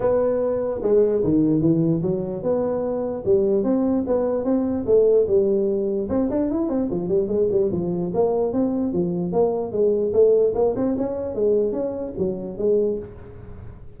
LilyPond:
\new Staff \with { instrumentName = "tuba" } { \time 4/4 \tempo 4 = 148 b2 gis4 dis4 | e4 fis4 b2 | g4 c'4 b4 c'4 | a4 g2 c'8 d'8 |
e'8 c'8 f8 g8 gis8 g8 f4 | ais4 c'4 f4 ais4 | gis4 a4 ais8 c'8 cis'4 | gis4 cis'4 fis4 gis4 | }